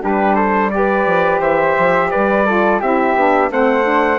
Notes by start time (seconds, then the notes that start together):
0.00 G3 D4 G4 B4
0.36 A4 C5
0.71 G4 B4 D5
1.07 F3
1.40 E3 C5 E5
1.78 F3
2.11 G3 B4 D5
2.46 F4 A4
2.80 C4 E4 G4 E5
3.15 B3 D4
3.51 A3 C4 C5 F#5
3.84 D4